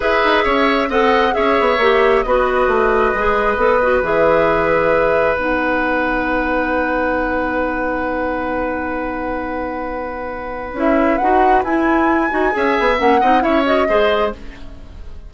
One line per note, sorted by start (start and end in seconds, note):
0.00 0.23 E4
0.00 0.88 G#4
0.00 0.44 B4
0.00 0.90 E5
0.24 0.45 D#4
0.44 0.89 C#4
0.44 0.88 C#5
0.89 1.34 C4
0.89 1.31 A4
0.89 1.34 D#5
0.89 1.33 F#5
1.31 1.60 C#4
1.31 1.76 G#4
1.31 2.25 C#5
1.31 2.22 E5
1.60 1.77 B3
1.77 2.22 A#3
1.77 2.25 G4
2.22 2.67 B3
2.22 3.15 F#4
2.22 12.56 B4
2.22 4.02 D#5
2.67 3.12 A3
3.14 3.56 G#3
3.14 3.57 G#4
3.56 4.01 B3
3.56 3.80 A4
3.82 4.03 F#4
4.02 5.35 E3
4.02 5.37 G#4
4.02 5.36 E5
5.35 10.72 B3
5.35 10.74 D#4
5.35 10.73 F#5
10.73 11.17 C#4
10.73 11.20 E4
10.79 11.17 E5
11.17 11.63 D#4
11.17 11.65 F#4
11.17 11.62 F#5
11.63 12.30 E4
11.63 12.98 G#5
12.30 12.54 D#4
12.30 12.51 F#4
12.51 12.78 C#4
12.51 12.96 G#4
12.51 13.20 E5
12.79 12.99 B3
12.97 13.22 A#3
12.97 13.19 C#4
12.97 13.42 F#5
13.20 13.43 C4
13.20 13.40 D#4
13.20 13.42 D#5
13.40 13.88 C#4
13.40 13.62 E4
13.40 13.88 C#5
13.40 13.65 E5
13.65 13.87 F#4
13.65 14.33 D#5
13.88 14.33 G#3
13.88 14.32 G#4
13.88 14.33 C5